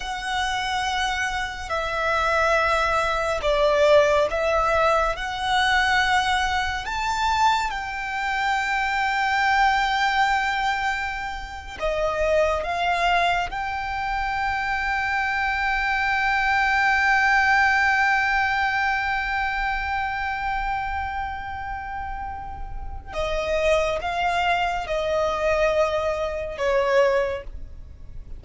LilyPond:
\new Staff \with { instrumentName = "violin" } { \time 4/4 \tempo 4 = 70 fis''2 e''2 | d''4 e''4 fis''2 | a''4 g''2.~ | g''4.~ g''16 dis''4 f''4 g''16~ |
g''1~ | g''1~ | g''2. dis''4 | f''4 dis''2 cis''4 | }